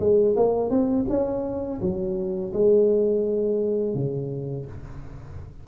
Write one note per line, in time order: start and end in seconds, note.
0.00 0.36 G#3
0.37 0.70 A#3
0.70 1.06 C4
1.09 1.81 C#4
1.81 2.53 F#3
2.53 3.94 G#3
3.94 4.66 C#3